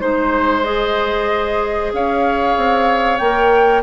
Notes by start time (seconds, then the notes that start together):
0.00 G#3 D#4 C5
0.64 G#4 D#5
1.93 C#4 C#5 F5
2.57 C4
3.18 A#3 A#4 G5